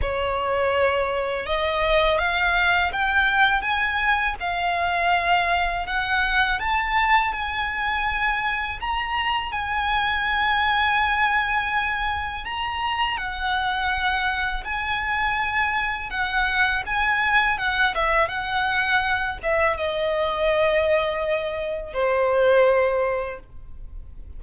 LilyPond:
\new Staff \with { instrumentName = "violin" } { \time 4/4 \tempo 4 = 82 cis''2 dis''4 f''4 | g''4 gis''4 f''2 | fis''4 a''4 gis''2 | ais''4 gis''2.~ |
gis''4 ais''4 fis''2 | gis''2 fis''4 gis''4 | fis''8 e''8 fis''4. e''8 dis''4~ | dis''2 c''2 | }